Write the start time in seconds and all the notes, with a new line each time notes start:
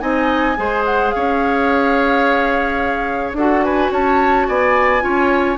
0.00 C4 D#4 D#5 G#5
0.56 G#3 G#4 C5
0.85 F#5
1.10 C#4 C#5 F5
3.33 D4 F#4 A4 F#5
3.64 B4 G#5
3.91 C#4 C#5 A5
4.47 B3 D5 G#5
5.00 C#4 F4 C#5